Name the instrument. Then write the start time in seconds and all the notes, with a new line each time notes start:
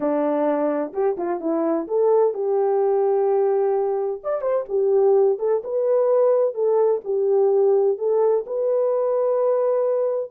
horn
0.00 D4
0.93 G4
1.17 F4
1.40 E4
1.87 A4
2.34 G4
4.23 D5
4.41 C5
4.69 G4
5.38 A4
5.64 B4
6.54 A4
7.04 G4
7.98 A4
8.46 B4